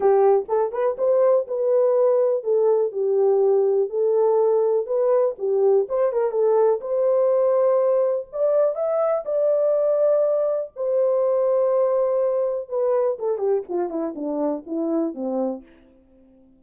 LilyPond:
\new Staff \with { instrumentName = "horn" } { \time 4/4 \tempo 4 = 123 g'4 a'8 b'8 c''4 b'4~ | b'4 a'4 g'2 | a'2 b'4 g'4 | c''8 ais'8 a'4 c''2~ |
c''4 d''4 e''4 d''4~ | d''2 c''2~ | c''2 b'4 a'8 g'8 | f'8 e'8 d'4 e'4 c'4 | }